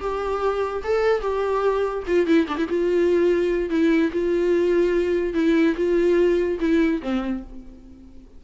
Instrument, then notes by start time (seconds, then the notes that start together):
viola
0.00 G4
0.83 A4
1.21 G4
2.06 F4
2.26 E4
2.47 D4
2.57 E4
2.68 F4
3.69 E4
4.12 F4
5.34 E4
5.76 F4
6.59 E4
7.02 C4